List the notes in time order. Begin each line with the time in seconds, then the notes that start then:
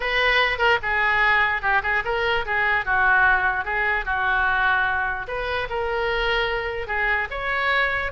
0.00 B4
0.58 A#4
0.82 G#4
1.61 G4
1.82 G#4
2.04 A#4
2.45 G#4
2.85 F#4
3.64 G#4
4.05 F#4
5.27 B4
5.69 A#4
6.87 G#4
7.30 C#5